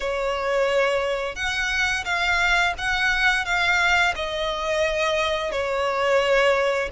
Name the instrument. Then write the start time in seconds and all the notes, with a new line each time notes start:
violin
0.00 C#5
1.35 F#5
2.04 F5
2.77 F#5
3.45 F5
4.15 D#5
5.51 C#5